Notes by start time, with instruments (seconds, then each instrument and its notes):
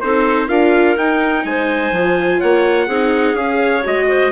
0.00 bassoon C4, viola D#4, clarinet A4, trumpet C5
0.47 bassoon D4, viola F4, clarinet A#4, trumpet F5
0.96 bassoon D#4, viola D#4, trumpet G5
1.44 bassoon G#3, clarinet C5, trumpet G#5
1.91 bassoon F3, viola F4
2.40 bassoon A#3, clarinet C#5, trumpet F#5
2.86 bassoon C4, viola D#4, clarinet G#4
3.33 bassoon C#4, viola G#4, trumpet F5
3.57 clarinet C#5
3.83 bassoon G#3, viola F#4, trumpet D#5
4.08 clarinet C5